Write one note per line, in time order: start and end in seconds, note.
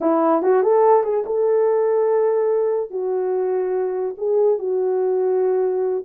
0.00 0.42 E4
0.42 0.62 F#4
0.62 1.03 A4
1.03 1.24 G#4
1.26 2.90 A4
2.90 4.15 F#4
4.17 4.58 G#4
4.58 6.04 F#4